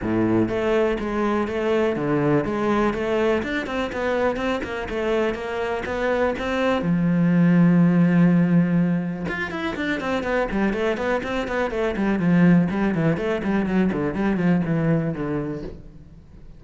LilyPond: \new Staff \with { instrumentName = "cello" } { \time 4/4 \tempo 4 = 123 a,4 a4 gis4 a4 | d4 gis4 a4 d'8 c'8 | b4 c'8 ais8 a4 ais4 | b4 c'4 f2~ |
f2. f'8 e'8 | d'8 c'8 b8 g8 a8 b8 c'8 b8 | a8 g8 f4 g8 e8 a8 g8 | fis8 d8 g8 f8 e4 d4 | }